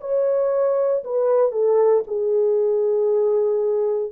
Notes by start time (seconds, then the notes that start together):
0.00 C#5
1.04 B4
1.51 A4
2.07 G#4